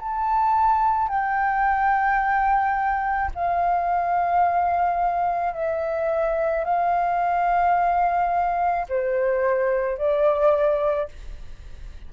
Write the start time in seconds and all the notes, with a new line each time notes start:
0.00 A5
1.09 G5
3.35 F5
5.54 E5
6.65 F5
8.89 C5
9.97 D5